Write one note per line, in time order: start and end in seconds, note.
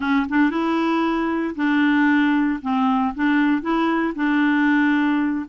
0.00 0.26 C#4
0.29 0.50 D4
0.50 1.54 E4
1.55 2.60 D4
2.61 3.14 C4
3.14 3.61 D4
3.61 4.13 E4
4.15 5.45 D4